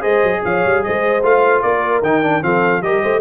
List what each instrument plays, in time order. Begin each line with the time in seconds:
0.00 tuba G#3, trombone G#4, horn C5, trumpet D#5
0.23 tuba F#3
0.44 tuba F3, horn C#5, trumpet F5
0.65 tuba G3
0.83 tuba G#3, horn C5, trumpet D#5
1.23 tuba A3, trombone F4, trumpet F5
1.62 tuba A#3, horn A#4, trumpet D5
2.02 tuba D#3, trombone D#4, trumpet G5
2.22 trombone D4
2.42 tuba F3, trombone C4, horn A4, trumpet F5
2.81 tuba G3, trombone G4, horn A#4, trumpet D#5
3.02 tuba A3, horn C5